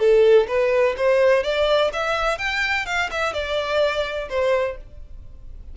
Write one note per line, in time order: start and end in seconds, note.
0.00 0.48 A4
0.48 0.96 B4
0.97 1.44 C5
1.44 1.92 D5
1.94 2.39 E5
2.39 2.86 G5
2.86 3.10 F5
3.12 3.34 E5
3.34 4.29 D5
4.30 4.77 C5